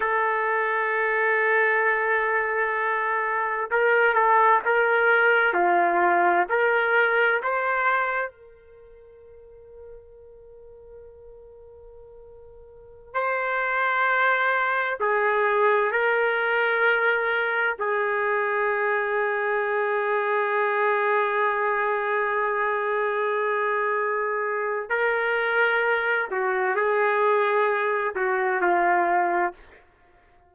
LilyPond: \new Staff \with { instrumentName = "trumpet" } { \time 4/4 \tempo 4 = 65 a'1 | ais'8 a'8 ais'4 f'4 ais'4 | c''4 ais'2.~ | ais'2~ ais'16 c''4.~ c''16~ |
c''16 gis'4 ais'2 gis'8.~ | gis'1~ | gis'2. ais'4~ | ais'8 fis'8 gis'4. fis'8 f'4 | }